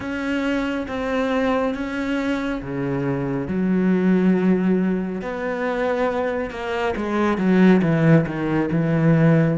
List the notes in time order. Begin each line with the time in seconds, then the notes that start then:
0.00 C#4
0.87 C4
1.74 C#4
2.61 C#3
3.47 F#3
5.21 B3
6.50 A#3
6.96 G#3
7.37 F#3
7.82 E3
8.26 D#3
8.71 E3